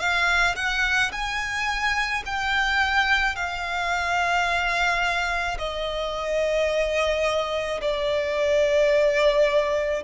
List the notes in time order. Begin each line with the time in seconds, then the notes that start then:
0.00 F5
0.56 F#5
1.13 G#5
2.26 G5
3.36 F5
5.59 D#5
7.82 D5